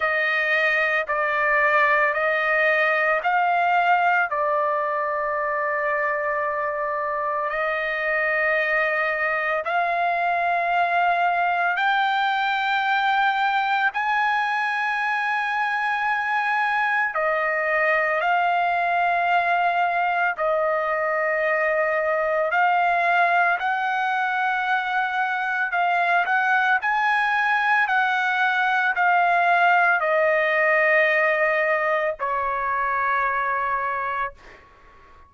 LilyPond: \new Staff \with { instrumentName = "trumpet" } { \time 4/4 \tempo 4 = 56 dis''4 d''4 dis''4 f''4 | d''2. dis''4~ | dis''4 f''2 g''4~ | g''4 gis''2. |
dis''4 f''2 dis''4~ | dis''4 f''4 fis''2 | f''8 fis''8 gis''4 fis''4 f''4 | dis''2 cis''2 | }